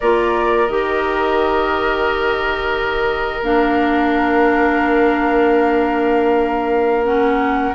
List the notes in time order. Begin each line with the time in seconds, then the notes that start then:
0.00 A#3 F4 A#4 D5
0.67 D#3 G4 D#5
3.42 A#3 D4 F5
7.05 C#4 F#5